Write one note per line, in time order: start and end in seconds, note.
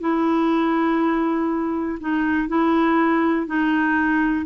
0.00 1.98 E4
2.00 2.48 D#4
2.48 3.46 E4
3.46 4.46 D#4